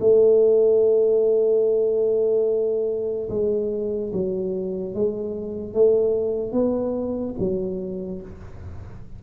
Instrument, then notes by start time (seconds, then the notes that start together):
tuba
0.00 A3
3.30 G#3
4.12 F#3
4.94 G#3
5.74 A3
6.52 B3
7.39 F#3